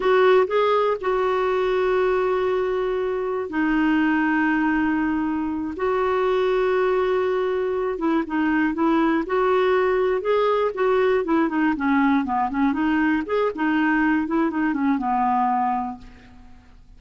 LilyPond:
\new Staff \with { instrumentName = "clarinet" } { \time 4/4 \tempo 4 = 120 fis'4 gis'4 fis'2~ | fis'2. dis'4~ | dis'2.~ dis'8 fis'8~ | fis'1 |
e'8 dis'4 e'4 fis'4.~ | fis'8 gis'4 fis'4 e'8 dis'8 cis'8~ | cis'8 b8 cis'8 dis'4 gis'8 dis'4~ | dis'8 e'8 dis'8 cis'8 b2 | }